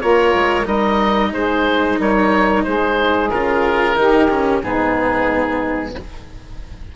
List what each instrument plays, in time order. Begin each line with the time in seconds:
0.00 bassoon A#3, saxophone F4, cello A#4, oboe C#5
0.34 bassoon G#3
0.64 bassoon G3, cello D#4, saxophone A#4, oboe D#5
1.32 bassoon G#3, saxophone G#4, oboe C5
1.99 bassoon G3, saxophone A#4, oboe C#5
2.64 bassoon G#3, saxophone G#4, oboe C5
3.30 bassoon C#3, cello F4, oboe A#4
3.96 bassoon D#3, cello D#4, saxophone G4
4.30 cello C#4
4.62 bassoon G#2, cello B3, saxophone D#4, oboe G#4